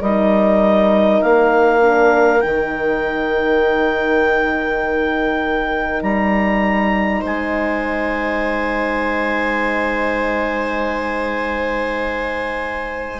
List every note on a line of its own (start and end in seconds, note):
0.00 1.21 G3
0.00 1.81 D#4
0.00 7.20 A#4
0.00 1.22 D#5
1.22 2.43 A#3
1.22 2.41 F5
1.81 2.41 D4
2.41 6.02 D#3
2.41 13.19 D#4
2.41 6.00 G5
6.02 7.22 G3
6.02 7.22 A#5
7.20 13.19 G#3
7.20 13.19 C5
7.20 13.19 G#5